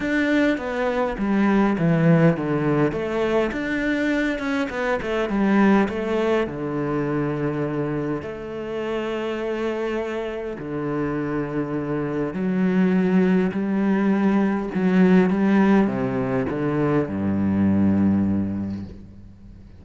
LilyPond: \new Staff \with { instrumentName = "cello" } { \time 4/4 \tempo 4 = 102 d'4 b4 g4 e4 | d4 a4 d'4. cis'8 | b8 a8 g4 a4 d4~ | d2 a2~ |
a2 d2~ | d4 fis2 g4~ | g4 fis4 g4 c4 | d4 g,2. | }